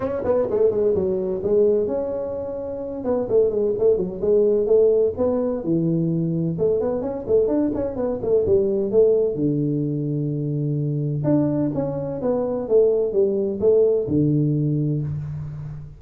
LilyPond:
\new Staff \with { instrumentName = "tuba" } { \time 4/4 \tempo 4 = 128 cis'8 b8 a8 gis8 fis4 gis4 | cis'2~ cis'8 b8 a8 gis8 | a8 fis8 gis4 a4 b4 | e2 a8 b8 cis'8 a8 |
d'8 cis'8 b8 a8 g4 a4 | d1 | d'4 cis'4 b4 a4 | g4 a4 d2 | }